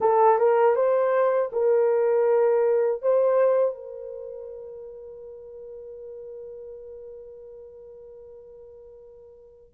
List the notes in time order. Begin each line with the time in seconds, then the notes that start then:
0.00 A4
0.38 A#4
0.75 C5
1.52 A#4
3.02 C5
3.74 A#4